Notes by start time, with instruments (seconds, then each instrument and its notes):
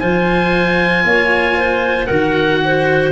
0.00 tuba F3, cello F4, clarinet C5, oboe G#5
1.05 tuba A#3, clarinet C#5
1.58 clarinet C5
2.06 tuba D#3, cello F#4, clarinet A#4, oboe F#5
2.64 clarinet C5